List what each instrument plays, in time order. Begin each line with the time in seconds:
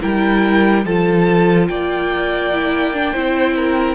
0.00 cello G3, viola E4, violin A#4 G5
0.85 cello F3, viola F4, violin A4 A5
1.68 cello A#3, violin D5 G5
2.53 viola E4
2.94 viola D4
3.12 cello C4, viola E4, violin C5
3.56 violin A#4